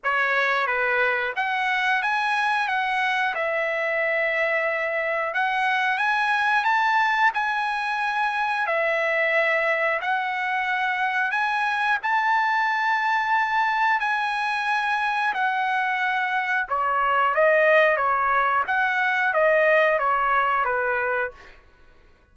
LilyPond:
\new Staff \with { instrumentName = "trumpet" } { \time 4/4 \tempo 4 = 90 cis''4 b'4 fis''4 gis''4 | fis''4 e''2. | fis''4 gis''4 a''4 gis''4~ | gis''4 e''2 fis''4~ |
fis''4 gis''4 a''2~ | a''4 gis''2 fis''4~ | fis''4 cis''4 dis''4 cis''4 | fis''4 dis''4 cis''4 b'4 | }